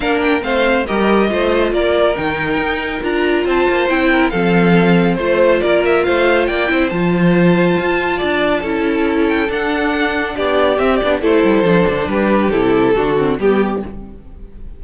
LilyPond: <<
  \new Staff \with { instrumentName = "violin" } { \time 4/4 \tempo 4 = 139 f''8 g''8 f''4 dis''2 | d''4 g''2 ais''4 | a''4 g''4 f''2 | c''4 d''8 e''8 f''4 g''4 |
a''1~ | a''4. g''8 fis''2 | d''4 e''8 d''8 c''2 | b'4 a'2 g'4 | }
  \new Staff \with { instrumentName = "violin" } { \time 4/4 ais'4 c''4 ais'4 c''4 | ais'1 | c''4. ais'8 a'2 | c''4 ais'4 c''4 d''8 c''8~ |
c''2. d''4 | a'1 | g'2 a'2 | g'2 fis'4 g'4 | }
  \new Staff \with { instrumentName = "viola" } { \time 4/4 d'4 c'4 g'4 f'4~ | f'4 dis'2 f'4~ | f'4 e'4 c'2 | f'2.~ f'8 e'8 |
f'1 | e'2 d'2~ | d'4 c'8 d'8 e'4 d'4~ | d'4 e'4 d'8 c'8 b4 | }
  \new Staff \with { instrumentName = "cello" } { \time 4/4 ais4 a4 g4 a4 | ais4 dis4 dis'4 d'4 | c'8 ais8 c'4 f2 | a4 ais4 a4 ais8 c'8 |
f2 f'4 d'4 | cis'2 d'2 | b4 c'8 b8 a8 g8 f8 d8 | g4 c4 d4 g4 | }
>>